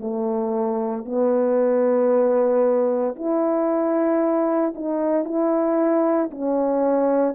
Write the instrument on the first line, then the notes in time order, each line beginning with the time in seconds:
horn
0.00 A3
1.05 B3
3.15 E4
4.75 D#4
5.25 E4
6.31 C#4